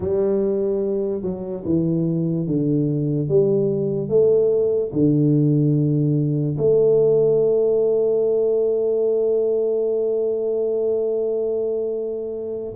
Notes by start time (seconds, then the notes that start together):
0.00 G3
1.21 F#3
1.64 E3
2.46 D3
3.28 G3
4.09 A3
4.92 D3
6.57 A3